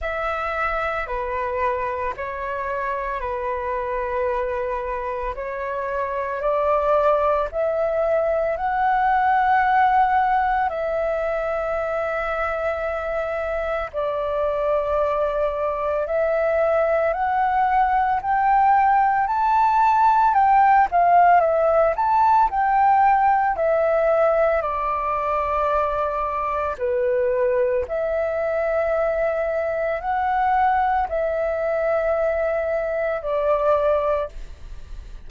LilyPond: \new Staff \with { instrumentName = "flute" } { \time 4/4 \tempo 4 = 56 e''4 b'4 cis''4 b'4~ | b'4 cis''4 d''4 e''4 | fis''2 e''2~ | e''4 d''2 e''4 |
fis''4 g''4 a''4 g''8 f''8 | e''8 a''8 g''4 e''4 d''4~ | d''4 b'4 e''2 | fis''4 e''2 d''4 | }